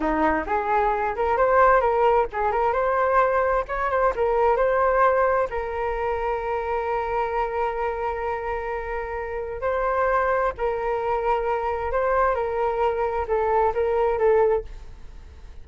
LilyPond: \new Staff \with { instrumentName = "flute" } { \time 4/4 \tempo 4 = 131 dis'4 gis'4. ais'8 c''4 | ais'4 gis'8 ais'8 c''2 | cis''8 c''8 ais'4 c''2 | ais'1~ |
ais'1~ | ais'4 c''2 ais'4~ | ais'2 c''4 ais'4~ | ais'4 a'4 ais'4 a'4 | }